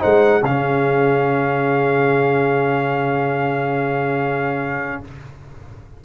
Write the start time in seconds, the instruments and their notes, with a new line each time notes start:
0.00 tuba G#3, trombone D#4, horn C5, trumpet F#5
0.43 tuba C#3, trombone C#4, horn G#4, trumpet F5